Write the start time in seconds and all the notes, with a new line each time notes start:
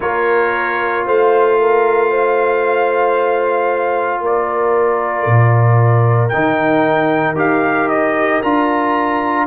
0.00 A#3 F4 A#4 C#5
1.05 A3 C5 F5
1.60 A#4
2.10 C5
4.20 A#3 A#4 D5
5.26 A#2
6.29 D#3 D#4 G5
7.34 D#4 G4 F5
7.88 D#5
8.42 D4 F4 A#5